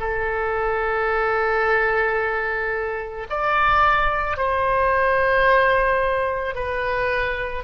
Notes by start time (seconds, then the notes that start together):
0.00 A4
3.30 D5
4.37 C5
6.55 B4